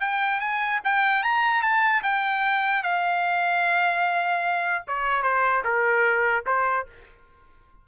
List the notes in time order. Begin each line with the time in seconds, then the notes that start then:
0.00 G5
0.40 G#5
0.84 G5
1.23 A#5
1.62 A5
2.02 G5
2.83 F5
4.87 C#5
5.22 C5
5.64 A#4
6.46 C5